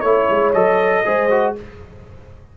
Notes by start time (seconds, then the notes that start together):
0.00 A3 E4 C#5
0.30 G#3
0.53 F#3 A4 D#5
1.05 G#3 G#4 C5
1.30 F#4